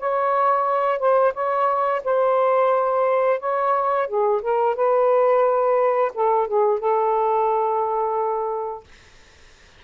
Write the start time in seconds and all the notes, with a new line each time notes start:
0.00 C#5
0.99 C5
1.34 C#5
2.05 C5
3.40 C#5
4.08 G#4
4.42 A#4
4.76 B4
6.15 A4
6.48 G#4
6.80 A4